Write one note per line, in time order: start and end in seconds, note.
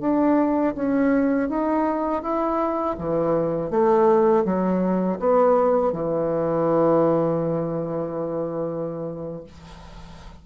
0.00 0.74 D4
0.75 1.48 C#4
1.48 2.22 D#4
2.22 2.96 E4
2.98 3.70 E3
3.70 4.44 A3
4.44 5.19 F#3
5.19 5.92 B3
5.92 9.44 E3